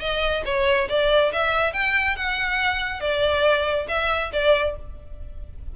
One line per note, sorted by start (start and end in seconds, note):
0.00 0.43 D#5
0.45 0.88 C#5
0.88 1.32 D5
1.32 1.73 E5
1.73 2.16 G5
2.16 3.00 F#5
3.00 3.87 D5
3.88 4.31 E5
4.33 4.76 D5